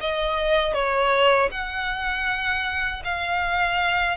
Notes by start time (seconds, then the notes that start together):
0.00 D#5
0.74 C#5
1.51 F#5
3.04 F5